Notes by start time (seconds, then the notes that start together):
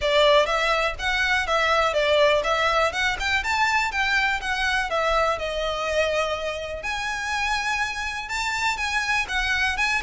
0.01 D5
0.45 E5
0.98 F#5
1.46 E5
1.93 D5
2.43 E5
2.92 F#5
3.19 G5
3.43 A5
3.91 G5
4.41 F#5
4.89 E5
5.38 D#5
6.82 G#5
8.28 A5
8.77 G#5
9.28 F#5
9.77 G#5